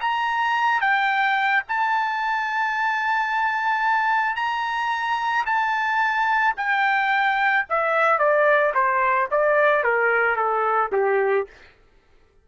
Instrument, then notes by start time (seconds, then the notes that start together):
trumpet
0.00 A#5
0.80 G5
1.68 A5
4.35 A#5
5.45 A5
6.56 G5
7.69 E5
8.18 D5
8.74 C5
9.31 D5
9.83 A#4
10.36 A4
10.92 G4